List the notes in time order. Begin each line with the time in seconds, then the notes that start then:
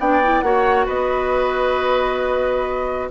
0.00 B3 D4 D5 G5
0.23 E4
0.41 A#3 F#4 C#5 F#5
0.86 B3 B4 D#5